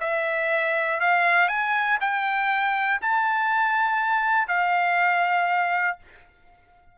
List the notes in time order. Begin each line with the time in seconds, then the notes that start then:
0.00 E5
1.00 F5
1.48 G#5
2.00 G5
3.01 A5
4.48 F5